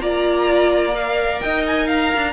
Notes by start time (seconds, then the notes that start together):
0.00 A#3 F4 D5 A#5
0.93 A#4 F5
1.41 D#4 D#5 G5
1.67 G#5
1.87 F5 A#5
2.16 D4